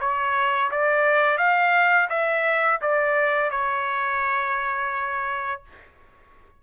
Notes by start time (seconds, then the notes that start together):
0.00 C#5
0.71 D5
1.38 F5
2.09 E5
2.81 D5
3.51 C#5